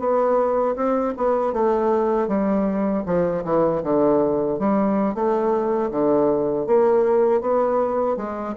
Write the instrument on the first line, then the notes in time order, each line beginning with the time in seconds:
bassoon
0.00 B3
0.76 C4
1.17 B3
1.53 A3
2.28 G3
3.06 F3
3.45 E3
3.84 D3
4.59 G3
5.15 A3
5.91 D3
6.67 A#3
7.42 B3
8.17 G#3